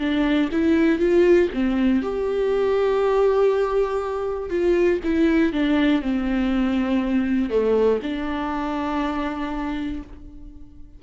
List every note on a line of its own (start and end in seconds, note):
0.00 0.50 D4
0.52 1.00 E4
1.00 1.50 F4
1.55 2.02 C4
2.02 4.50 G4
4.50 5.00 F4
5.04 5.53 E4
5.53 6.02 D4
6.02 7.50 C4
7.50 8.00 A3
8.03 10.03 D4